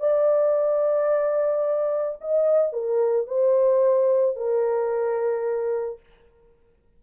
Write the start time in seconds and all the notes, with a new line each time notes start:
0.00 D5
2.21 D#5
2.73 A#4
3.27 C5
4.36 A#4